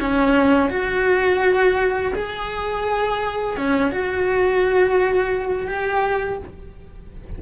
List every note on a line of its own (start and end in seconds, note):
0.00 0.70 C#4
0.70 2.13 F#4
2.14 3.57 G#4
3.57 3.92 C#4
3.92 5.67 F#4
5.67 6.39 G4